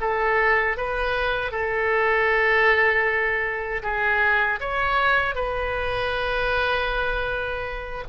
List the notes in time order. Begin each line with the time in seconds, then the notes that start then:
0.00 A4
0.77 B4
1.51 A4
3.82 G#4
4.60 C#5
5.34 B4